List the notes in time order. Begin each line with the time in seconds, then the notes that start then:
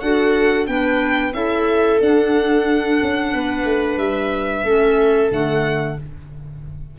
0.00 D4 F#4 A4 F#5
0.67 B3 D4 B4 G5
1.33 C#4 E4 A4 E5
2.01 D4 F#5
3.02 C#4
3.34 B3 B4
3.65 A3
3.97 G3 E5
4.64 A3 C#4 A4
5.30 D3 A3 F#5